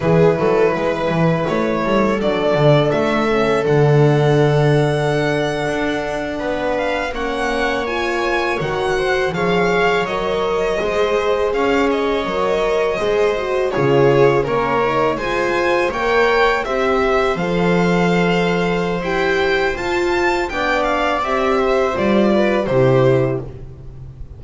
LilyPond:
<<
  \new Staff \with { instrumentName = "violin" } { \time 4/4 \tempo 4 = 82 b'2 cis''4 d''4 | e''4 fis''2.~ | fis''4~ fis''16 f''8 fis''4 gis''4 fis''16~ | fis''8. f''4 dis''2 f''16~ |
f''16 dis''2~ dis''8 cis''4 ais'16~ | ais'8. gis''4 g''4 e''4 f''16~ | f''2 g''4 a''4 | g''8 f''8 e''4 d''4 c''4 | }
  \new Staff \with { instrumentName = "viola" } { \time 4/4 gis'8 a'8 b'4. a'4.~ | a'1~ | a'8. b'4 cis''2~ cis''16~ | cis''16 c''8 cis''2 c''4 cis''16~ |
cis''4.~ cis''16 c''4 gis'4 cis''16~ | cis''8. c''4 cis''4 c''4~ c''16~ | c''1 | d''4. c''4 b'8 g'4 | }
  \new Staff \with { instrumentName = "horn" } { \time 4/4 e'2. d'4~ | d'8 cis'8 d'2.~ | d'4.~ d'16 cis'4 f'4 fis'16~ | fis'8. gis'4 ais'4 gis'4~ gis'16~ |
gis'8. ais'4 gis'8 fis'8 f'4 cis'16~ | cis'16 dis'8 f'4 ais'4 g'4 a'16~ | a'2 g'4 f'4 | d'4 g'4 f'4 e'4 | }
  \new Staff \with { instrumentName = "double bass" } { \time 4/4 e8 fis8 gis8 e8 a8 g8 fis8 d8 | a4 d2~ d8. d'16~ | d'8. b4 ais2 dis16~ | dis8. f4 fis4 gis4 cis'16~ |
cis'8. fis4 gis4 cis4 ais16~ | ais8. gis4 ais4 c'4 f16~ | f2 e'4 f'4 | b4 c'4 g4 c4 | }
>>